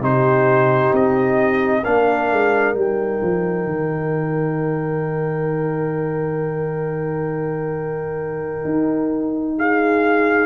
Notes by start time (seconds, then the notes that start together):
0.00 C3 D#4 G4 C5
0.92 C4 D#5
1.84 A#3 D4 A#4 F5
2.32 G#3
2.75 G3 D#4 G5
3.23 F3
3.66 D#3
8.65 D#4
9.58 G#4 F5